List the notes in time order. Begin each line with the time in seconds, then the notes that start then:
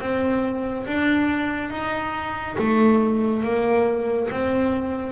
0.00 C4
0.86 D4
1.70 D#4
2.58 A3
3.43 A#3
4.31 C4